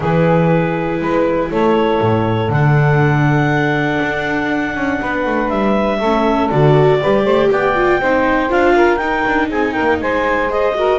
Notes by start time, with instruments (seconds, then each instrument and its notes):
0.00 double bass E3, viola E4, saxophone G#4, clarinet B4
1.00 double bass G#3, saxophone B4
1.50 double bass A3, saxophone A4, clarinet C#5
2.01 double bass A2
2.49 double bass D3, viola D4, clarinet F#5
4.02 double bass D4
4.75 double bass C#4
5.00 double bass B3, saxophone B4
5.26 double bass A3
5.49 double bass G3, clarinet E5
5.97 double bass A3, viola C#4, saxophone A4
6.49 double bass D3, viola F#4, clarinet D5
7.01 double bass G3, viola G4, saxophone B4
7.23 double bass A3, saxophone C5
7.50 double bass B3, saxophone D5, clarinet G5
7.75 viola F4
7.99 double bass C4, viola D#4, saxophone C5
8.49 double bass D4, viola F4, clarinet F5
8.75 saxophone A#4
8.96 double bass D#4, viola D#4, clarinet G5
9.27 double bass D4
9.47 double bass C4, saxophone G#4, clarinet G#5
9.72 saxophone A#4, clarinet G5
9.80 double bass A#3
10.01 double bass G#3, saxophone C5, clarinet G#5
10.48 viola G#4, clarinet D#5
10.74 viola F#4, saxophone A#4